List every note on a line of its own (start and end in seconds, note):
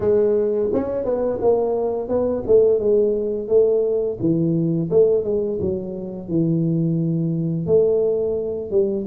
0.00 0.69 G#3
0.73 1.04 C#4
1.04 1.39 B3
1.41 2.08 A#3
2.08 2.43 B3
2.46 2.79 A3
2.79 3.48 G#3
3.48 4.17 A3
4.20 4.89 E3
4.90 5.23 A3
5.23 5.58 G#3
5.60 6.28 F#3
6.28 7.66 E3
7.66 8.71 A3
8.71 9.05 G3